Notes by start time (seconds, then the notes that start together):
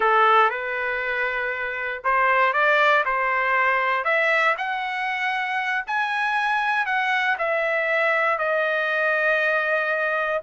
0.00 A4
0.50 B4
2.03 C5
2.53 D5
3.05 C5
4.04 E5
4.57 F#5
5.86 G#5
6.86 F#5
7.38 E5
8.38 D#5